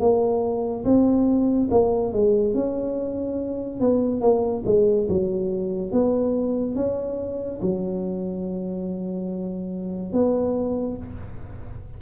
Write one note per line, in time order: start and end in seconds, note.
0.00 0.85 A#3
0.85 1.69 C4
1.71 2.13 A#3
2.13 2.54 G#3
2.54 3.80 C#4
3.80 4.21 B3
4.21 4.63 A#3
4.66 5.08 G#3
5.09 5.92 F#3
5.92 6.76 B3
6.76 7.60 C#4
7.62 10.13 F#3
10.13 10.97 B3